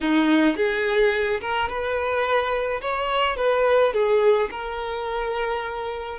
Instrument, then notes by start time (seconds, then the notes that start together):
violin
0.01 D#4
0.56 G#4
1.40 A#4
1.68 B4
2.81 C#5
3.36 B4
3.93 G#4
4.50 A#4